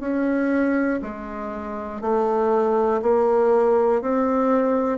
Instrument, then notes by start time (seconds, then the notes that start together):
bassoon
0.00 C#4
1.02 G#3
2.01 A3
3.02 A#3
4.01 C4